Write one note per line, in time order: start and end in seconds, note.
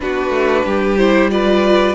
0.00 0.29 B3
0.00 0.98 D4
0.00 0.65 F#4
0.00 0.97 B4
0.29 0.62 A3
0.65 1.94 G3
0.65 1.30 G4
0.97 1.29 E4
0.97 1.30 C5
1.29 1.94 F4
1.29 1.94 B4
1.29 1.94 D5